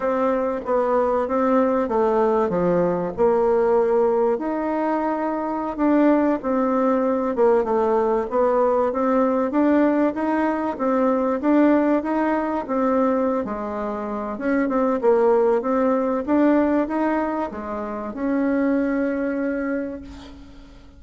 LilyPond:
\new Staff \with { instrumentName = "bassoon" } { \time 4/4 \tempo 4 = 96 c'4 b4 c'4 a4 | f4 ais2 dis'4~ | dis'4~ dis'16 d'4 c'4. ais16~ | ais16 a4 b4 c'4 d'8.~ |
d'16 dis'4 c'4 d'4 dis'8.~ | dis'16 c'4~ c'16 gis4. cis'8 c'8 | ais4 c'4 d'4 dis'4 | gis4 cis'2. | }